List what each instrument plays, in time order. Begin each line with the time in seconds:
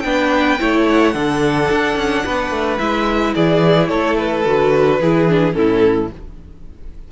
0.00 cello B3, viola D4, violin B4 G5
0.60 cello A3, viola E4, violin C#5
0.89 violin F#5
1.14 cello D3, viola D4, violin A4
1.71 cello D4
1.97 cello C#4
2.25 cello B3, violin B4
2.51 cello A3
2.79 cello G#3, viola E4, violin E5
3.35 cello E3, violin G#4 D5
3.89 cello A3, violin A4 C#5
4.17 violin B4
4.46 cello D3, viola F#4
5.00 cello E3, viola E4, violin G#4
5.29 viola D4
5.53 cello A2, viola C#4, violin E4 A4